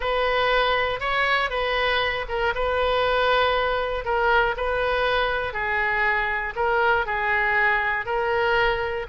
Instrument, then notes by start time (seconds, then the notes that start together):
oboe
0.00 B4
0.99 C#5
1.49 B4
2.28 A#4
2.54 B4
4.05 A#4
4.56 B4
5.53 G#4
6.55 A#4
7.06 G#4
8.05 A#4